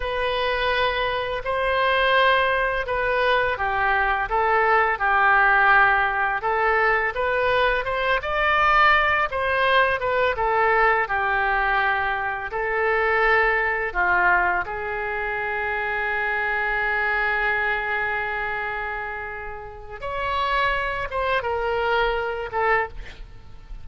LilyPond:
\new Staff \with { instrumentName = "oboe" } { \time 4/4 \tempo 4 = 84 b'2 c''2 | b'4 g'4 a'4 g'4~ | g'4 a'4 b'4 c''8 d''8~ | d''4 c''4 b'8 a'4 g'8~ |
g'4. a'2 f'8~ | f'8 gis'2.~ gis'8~ | gis'1 | cis''4. c''8 ais'4. a'8 | }